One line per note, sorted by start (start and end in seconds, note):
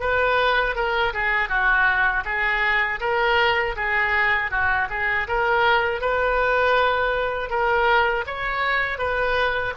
0.00 0.75 B4
0.75 1.12 A#4
1.13 1.48 G#4
1.48 2.23 F#4
2.25 3.00 G#4
3.00 3.75 A#4
3.76 4.50 G#4
4.50 4.88 F#4
4.90 5.27 G#4
5.27 6.00 A#4
6.00 7.49 B4
7.49 8.24 A#4
8.26 8.98 C#5
8.98 9.73 B4